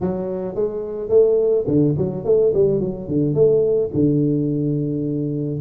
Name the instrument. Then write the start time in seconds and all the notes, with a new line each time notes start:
tuba
0.01 F#3
0.55 G#3
1.09 A3
1.67 D3
1.97 F#3
2.24 A3
2.54 G3
2.80 F#3
3.07 D3
3.34 A3
3.94 D3